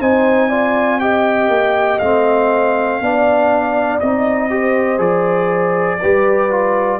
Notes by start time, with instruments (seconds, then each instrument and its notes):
0.00 tuba C4, trombone D#4, horn C5, trumpet G#5
0.49 trombone F4, horn D5
1.00 trombone G4, horn D#5, trumpet G5
1.48 tuba A#3
1.99 tuba A3, trombone C4, trumpet F5
3.00 tuba B3, trombone D4, horn D5
4.00 tuba C4, trombone D#4, trumpet D#5
4.50 trombone G4, horn C5
4.97 tuba F3, trombone G#4, trumpet D5
6.01 tuba G3, trombone G4, horn B4
6.50 trombone F4